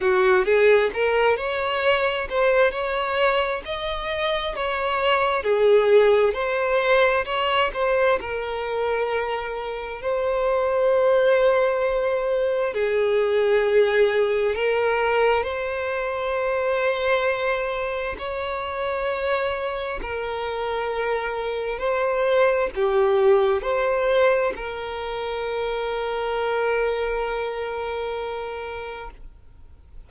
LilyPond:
\new Staff \with { instrumentName = "violin" } { \time 4/4 \tempo 4 = 66 fis'8 gis'8 ais'8 cis''4 c''8 cis''4 | dis''4 cis''4 gis'4 c''4 | cis''8 c''8 ais'2 c''4~ | c''2 gis'2 |
ais'4 c''2. | cis''2 ais'2 | c''4 g'4 c''4 ais'4~ | ais'1 | }